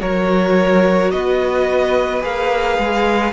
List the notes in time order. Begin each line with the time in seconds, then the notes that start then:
0.00 F#3 F#4 A#4 C#5
1.11 B3 B4 D#5
2.21 A#3 G#4 F5
2.78 G#3